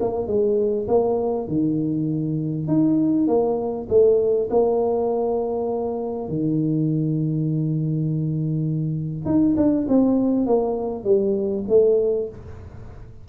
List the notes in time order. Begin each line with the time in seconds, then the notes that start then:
0.00 A#3
0.26 G#3
0.87 A#3
1.47 D#3
2.67 D#4
3.27 A#3
3.89 A3
4.50 A#3
6.28 D#3
9.25 D#4
9.56 D4
9.88 C4
10.46 A#3
11.04 G3
11.68 A3